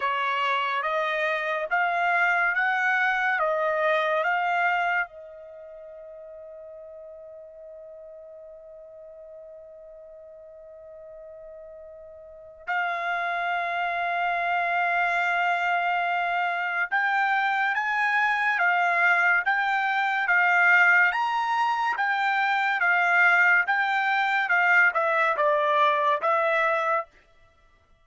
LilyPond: \new Staff \with { instrumentName = "trumpet" } { \time 4/4 \tempo 4 = 71 cis''4 dis''4 f''4 fis''4 | dis''4 f''4 dis''2~ | dis''1~ | dis''2. f''4~ |
f''1 | g''4 gis''4 f''4 g''4 | f''4 ais''4 g''4 f''4 | g''4 f''8 e''8 d''4 e''4 | }